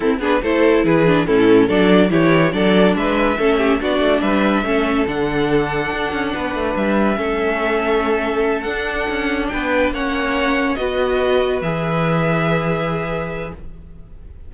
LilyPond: <<
  \new Staff \with { instrumentName = "violin" } { \time 4/4 \tempo 4 = 142 a'8 b'8 c''4 b'4 a'4 | d''4 cis''4 d''4 e''4~ | e''4 d''4 e''2 | fis''1 |
e''1~ | e''8 fis''2 g''4 fis''8~ | fis''4. dis''2 e''8~ | e''1 | }
  \new Staff \with { instrumentName = "violin" } { \time 4/4 e'8 gis'8 a'4 gis'4 e'4 | a'4 g'4 a'4 b'4 | a'8 g'8 fis'4 b'4 a'4~ | a'2. b'4~ |
b'4 a'2.~ | a'2~ a'8 b'4 cis''8~ | cis''4. b'2~ b'8~ | b'1 | }
  \new Staff \with { instrumentName = "viola" } { \time 4/4 c'8 d'8 e'4. d'8 cis'4 | d'4 e'4 d'2 | cis'4 d'2 cis'4 | d'1~ |
d'4 cis'2.~ | cis'8 d'2. cis'8~ | cis'4. fis'2 gis'8~ | gis'1 | }
  \new Staff \with { instrumentName = "cello" } { \time 4/4 c'8 b8 a4 e4 a,4 | fis4 e4 fis4 gis4 | a4 b8 a8 g4 a4 | d2 d'8 cis'8 b8 a8 |
g4 a2.~ | a8 d'4 cis'4 b4 ais8~ | ais4. b2 e8~ | e1 | }
>>